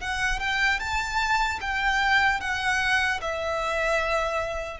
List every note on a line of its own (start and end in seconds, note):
0.00 0.39 F#5
0.39 0.79 G5
0.79 1.59 A5
1.60 2.40 G5
2.40 3.20 F#5
3.21 4.80 E5